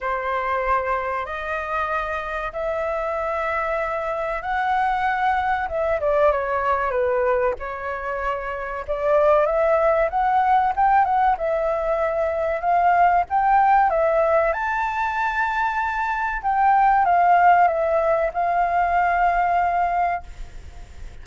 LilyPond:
\new Staff \with { instrumentName = "flute" } { \time 4/4 \tempo 4 = 95 c''2 dis''2 | e''2. fis''4~ | fis''4 e''8 d''8 cis''4 b'4 | cis''2 d''4 e''4 |
fis''4 g''8 fis''8 e''2 | f''4 g''4 e''4 a''4~ | a''2 g''4 f''4 | e''4 f''2. | }